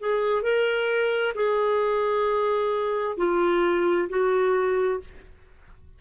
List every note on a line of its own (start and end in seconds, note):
0.00 0.43 G#4
0.43 1.33 A#4
1.35 3.17 G#4
3.17 4.08 F4
4.09 5.00 F#4